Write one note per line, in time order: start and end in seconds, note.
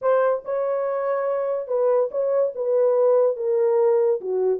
0.01 0.43 C5
0.44 1.67 C#5
1.67 2.09 B4
2.11 2.53 C#5
2.55 3.36 B4
3.36 4.20 A#4
4.21 4.60 F#4